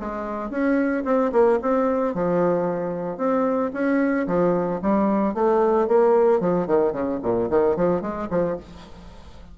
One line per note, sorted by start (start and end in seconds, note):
0.00 0.50 G#3
0.50 1.04 C#4
1.05 1.31 C4
1.32 1.59 A#3
1.62 2.14 C4
2.14 3.18 F3
3.18 3.71 C4
3.74 4.27 C#4
4.27 4.81 F3
4.82 5.34 G3
5.34 5.88 A3
5.88 6.40 A#3
6.40 6.67 F3
6.67 6.93 D#3
6.93 7.20 C#3
7.23 7.50 A#2
7.50 7.77 D#3
7.77 8.02 F3
8.02 8.29 G#3
8.31 8.57 F3